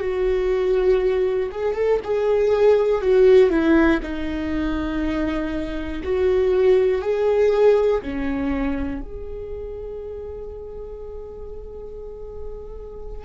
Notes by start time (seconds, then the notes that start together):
0.00 F#4
1.51 G#4
1.75 A4
2.04 G#4
3.01 F#4
3.50 E4
4.02 D#4
6.03 F#4
7.01 G#4
8.02 C#4
9.01 G#4